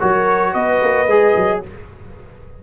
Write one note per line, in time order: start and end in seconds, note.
0.00 0.54 F#3
0.00 1.07 F#4
0.00 0.52 A#4
0.00 0.54 C#5
0.52 0.81 B3
0.52 1.59 B4
0.52 1.61 D#5
0.83 1.06 A#3
1.06 1.33 G#3
1.06 1.63 G#4
1.37 1.63 F#3